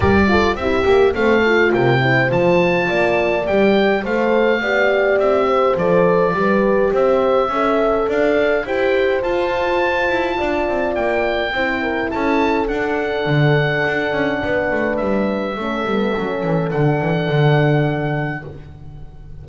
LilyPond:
<<
  \new Staff \with { instrumentName = "oboe" } { \time 4/4 \tempo 4 = 104 d''4 e''4 f''4 g''4 | a''2 g''4 f''4~ | f''4 e''4 d''2 | e''2 f''4 g''4 |
a''2. g''4~ | g''4 a''4 fis''2~ | fis''2 e''2~ | e''4 fis''2. | }
  \new Staff \with { instrumentName = "horn" } { \time 4/4 ais'8 a'8 g'4 a'4 ais'8 c''8~ | c''4 d''2 c''4 | d''4. c''4. b'4 | c''4 e''4 d''4 c''4~ |
c''2 d''2 | c''8 ais'8 a'2.~ | a'4 b'2 a'4~ | a'1 | }
  \new Staff \with { instrumentName = "horn" } { \time 4/4 g'8 f'8 e'8 g'8 c'8 f'4 e'8 | f'2 g'4 a'4 | g'2 a'4 g'4~ | g'4 a'2 g'4 |
f'1 | e'2 d'2~ | d'2. cis'8 b8 | cis'4 d'2. | }
  \new Staff \with { instrumentName = "double bass" } { \time 4/4 g4 c'8 ais8 a4 c4 | f4 ais4 g4 a4 | b4 c'4 f4 g4 | c'4 cis'4 d'4 e'4 |
f'4. e'8 d'8 c'8 ais4 | c'4 cis'4 d'4 d4 | d'8 cis'8 b8 a8 g4 a8 g8 | fis8 e8 d8 e8 d2 | }
>>